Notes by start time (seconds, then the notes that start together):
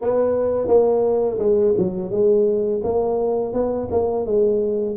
0.01 B3
0.67 A#3
1.38 G#3
1.77 F#3
2.11 G#3
2.83 A#3
3.53 B3
3.91 A#3
4.25 G#3